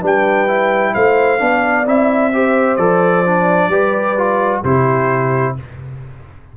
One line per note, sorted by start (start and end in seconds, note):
0.00 0.94 G3
0.00 0.47 D4
0.00 0.92 B4
0.00 0.94 G5
0.47 1.38 E4
0.94 1.40 A3
0.94 1.40 C5
0.94 1.86 F5
1.38 1.86 B3
1.38 1.84 D4
1.38 2.34 D5
1.86 2.77 C4
1.86 2.32 E4
1.86 2.76 E5
2.33 2.78 G4
2.33 3.70 C5
2.76 3.68 F3
2.76 3.24 A4
2.76 4.60 D5
3.25 3.71 D4
3.68 4.60 G3
3.68 4.17 G4
3.68 4.61 B4
4.17 4.63 F4
4.61 5.56 C3
4.61 5.56 E4
4.61 5.53 G4
4.61 5.56 C5